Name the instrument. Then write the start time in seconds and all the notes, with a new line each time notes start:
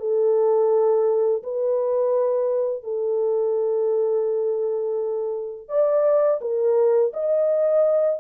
horn
0.00 A4
1.43 B4
2.84 A4
5.69 D5
6.41 A#4
7.14 D#5